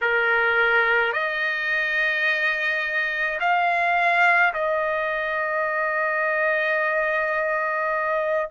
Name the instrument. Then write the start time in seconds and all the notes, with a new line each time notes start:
trumpet
0.01 A#4
1.12 D#5
3.40 F5
4.53 D#5